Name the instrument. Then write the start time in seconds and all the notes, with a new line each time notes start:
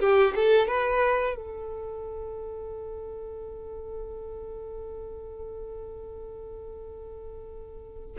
violin
0.00 G4
0.35 A4
0.68 B4
1.35 A4